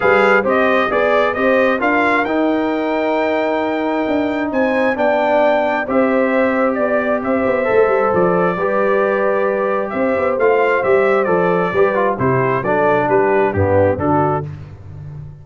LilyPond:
<<
  \new Staff \with { instrumentName = "trumpet" } { \time 4/4 \tempo 4 = 133 f''4 dis''4 d''4 dis''4 | f''4 g''2.~ | g''2 gis''4 g''4~ | g''4 e''2 d''4 |
e''2 d''2~ | d''2 e''4 f''4 | e''4 d''2 c''4 | d''4 b'4 g'4 a'4 | }
  \new Staff \with { instrumentName = "horn" } { \time 4/4 b'4 c''4 d''4 c''4 | ais'1~ | ais'2 c''4 d''4~ | d''4 c''2 d''4 |
c''2. b'4~ | b'2 c''2~ | c''2 b'4 g'4 | a'4 g'4 d'4 fis'4 | }
  \new Staff \with { instrumentName = "trombone" } { \time 4/4 gis'4 g'4 gis'4 g'4 | f'4 dis'2.~ | dis'2. d'4~ | d'4 g'2.~ |
g'4 a'2 g'4~ | g'2. f'4 | g'4 a'4 g'8 f'8 e'4 | d'2 b4 d'4 | }
  \new Staff \with { instrumentName = "tuba" } { \time 4/4 g4 c'4 b4 c'4 | d'4 dis'2.~ | dis'4 d'4 c'4 b4~ | b4 c'2 b4 |
c'8 b8 a8 g8 f4 g4~ | g2 c'8 b8 a4 | g4 f4 g4 c4 | fis4 g4 g,4 d4 | }
>>